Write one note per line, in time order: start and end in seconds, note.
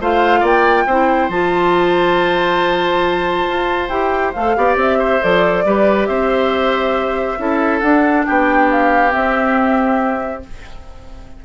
0.00 0.42 A3
0.00 0.88 F4
0.00 0.40 C5
0.00 0.46 F5
0.40 0.86 A#3
0.40 0.84 D5
0.40 1.30 G5
0.86 1.29 C4
0.86 1.31 E4
0.86 4.56 C5
1.29 3.46 F3
1.29 3.90 F4
1.29 3.89 A5
3.49 3.89 F4
3.89 4.33 E4
3.89 4.34 G4
3.89 4.33 G5
4.33 4.56 A3
4.33 4.56 A4
4.33 4.76 F5
4.56 4.76 B3
4.56 5.21 G4
4.56 4.98 D5
4.76 5.20 C4
4.76 5.23 E5
4.98 5.64 C5
5.21 5.65 F3
5.21 5.65 A4
5.21 6.06 D5
5.65 6.08 G3
5.65 7.38 G4
5.65 6.08 B4
6.06 7.38 C4
6.06 7.39 C5
6.06 7.80 E5
7.38 7.82 C#4
7.38 7.81 E4
7.38 8.27 A4
7.80 8.26 D4
7.80 9.10 D4
7.80 8.23 F#5
8.26 9.14 B3
8.26 10.44 G4
8.26 8.69 G5
8.71 9.13 F5
9.10 10.40 C4
9.10 10.45 C4
9.10 10.43 E5